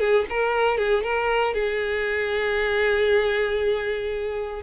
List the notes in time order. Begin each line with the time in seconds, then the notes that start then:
0.00 G#4
0.30 A#4
0.78 G#4
1.04 A#4
1.55 G#4